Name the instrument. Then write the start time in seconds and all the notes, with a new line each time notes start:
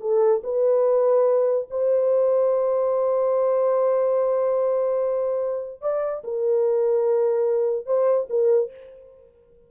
horn
0.00 A4
0.43 B4
1.70 C5
5.81 D5
6.24 A#4
7.86 C5
8.29 A#4